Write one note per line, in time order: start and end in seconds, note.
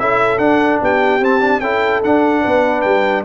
0.00 0.39 C#4
0.00 0.39 E4
0.00 0.83 A4
0.00 0.39 E5
0.39 0.79 D4
0.39 1.21 D4
0.39 0.80 F#5
0.82 1.20 B3
0.82 1.61 G4
0.82 1.25 G5
1.20 1.61 C4
1.20 1.41 C4
1.20 1.61 A5
1.41 1.61 D4
1.61 2.02 C#4
1.61 2.03 E4
1.61 2.42 A4
1.61 2.02 G5
2.03 3.25 D4
2.03 2.46 D4
2.03 2.82 F#5
2.42 2.85 B3
2.42 3.24 B4
2.82 3.25 G3
2.82 3.23 G5